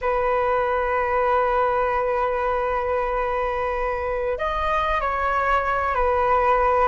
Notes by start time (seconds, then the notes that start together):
0.01 B4
4.38 D#5
5.01 C#5
5.94 B4